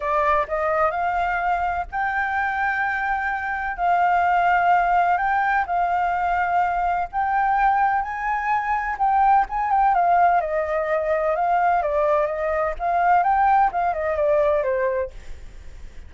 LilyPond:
\new Staff \with { instrumentName = "flute" } { \time 4/4 \tempo 4 = 127 d''4 dis''4 f''2 | g''1 | f''2. g''4 | f''2. g''4~ |
g''4 gis''2 g''4 | gis''8 g''8 f''4 dis''2 | f''4 d''4 dis''4 f''4 | g''4 f''8 dis''8 d''4 c''4 | }